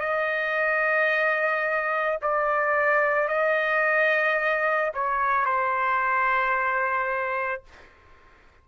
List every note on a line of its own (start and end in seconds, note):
0.00 2.18 D#5
2.22 3.28 D5
3.28 4.91 D#5
4.94 5.45 C#5
5.45 7.63 C5